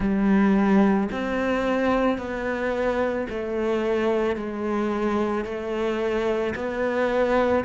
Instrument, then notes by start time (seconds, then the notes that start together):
cello
0.00 G3
1.11 C4
2.18 B3
3.29 A3
4.36 G#3
5.44 A3
6.55 B3